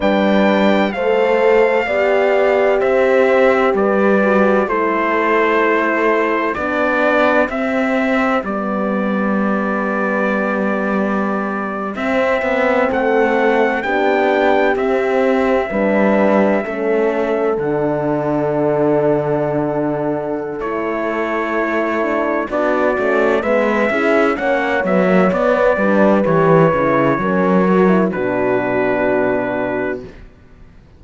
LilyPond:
<<
  \new Staff \with { instrumentName = "trumpet" } { \time 4/4 \tempo 4 = 64 g''4 f''2 e''4 | d''4 c''2 d''4 | e''4 d''2.~ | d''8. e''4 fis''4 g''4 e''16~ |
e''2~ e''8. fis''4~ fis''16~ | fis''2 cis''2 | d''4 e''4 fis''8 e''8 d''4 | cis''2 b'2 | }
  \new Staff \with { instrumentName = "horn" } { \time 4/4 b'4 c''4 d''4 c''4 | b'4 a'2 g'4~ | g'1~ | g'4.~ g'16 a'4 g'4~ g'16~ |
g'8. b'4 a'2~ a'16~ | a'2.~ a'8 d'8 | fis'4 b'8 gis'8 cis''4. b'8~ | b'4 ais'4 fis'2 | }
  \new Staff \with { instrumentName = "horn" } { \time 4/4 d'4 a'4 g'2~ | g'8 fis'8 e'2 d'4 | c'4 b2.~ | b8. c'2 d'4 c'16~ |
c'8. d'4 cis'4 d'4~ d'16~ | d'2 e'2 | d'8 cis'8 b8 e'8 cis'8 b16 ais16 b8 d'8 | g'8 e'8 cis'8 fis'16 e'16 d'2 | }
  \new Staff \with { instrumentName = "cello" } { \time 4/4 g4 a4 b4 c'4 | g4 a2 b4 | c'4 g2.~ | g8. c'8 b8 a4 b4 c'16~ |
c'8. g4 a4 d4~ d16~ | d2 a2 | b8 a8 gis8 cis'8 ais8 fis8 b8 g8 | e8 cis8 fis4 b,2 | }
>>